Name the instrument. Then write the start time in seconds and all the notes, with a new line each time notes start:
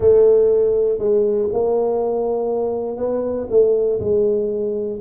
tuba
0.00 A3
0.98 G#3
1.52 A#3
2.96 B3
3.49 A3
4.00 G#3